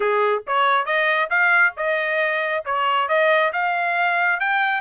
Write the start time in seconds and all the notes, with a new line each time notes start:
0.00 G#4
0.47 C#5
0.85 D#5
1.30 F5
1.76 D#5
2.65 C#5
3.08 D#5
3.53 F5
4.40 G5